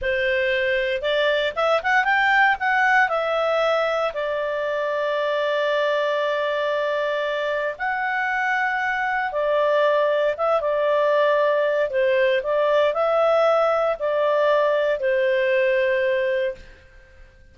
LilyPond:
\new Staff \with { instrumentName = "clarinet" } { \time 4/4 \tempo 4 = 116 c''2 d''4 e''8 fis''8 | g''4 fis''4 e''2 | d''1~ | d''2. fis''4~ |
fis''2 d''2 | e''8 d''2~ d''8 c''4 | d''4 e''2 d''4~ | d''4 c''2. | }